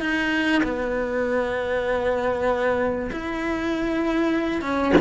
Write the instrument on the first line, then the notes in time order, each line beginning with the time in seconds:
cello
0.00 D#4
0.63 B3
3.12 E4
4.61 C#4